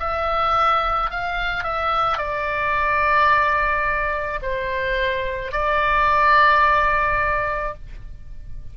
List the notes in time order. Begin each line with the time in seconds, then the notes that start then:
0.00 E5
1.11 F5
1.64 E5
2.18 D5
4.42 C5
5.53 D5